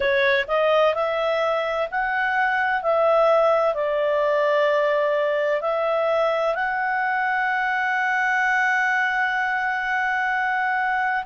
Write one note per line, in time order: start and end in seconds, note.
0.00 0.45 C#5
0.47 0.94 D#5
0.94 1.88 E5
1.90 2.82 F#5
2.82 3.74 E5
3.74 5.61 D5
5.61 6.55 E5
6.55 11.23 F#5